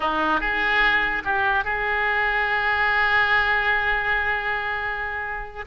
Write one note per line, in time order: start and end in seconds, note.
0.00 0.40 D#4
0.40 1.22 G#4
1.24 1.64 G4
1.64 5.65 G#4